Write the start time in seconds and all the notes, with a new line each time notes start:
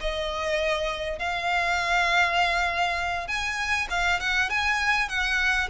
0.00 D#5
1.19 F5
3.27 G#5
3.90 F5
4.20 F#5
4.49 G#5
5.08 F#5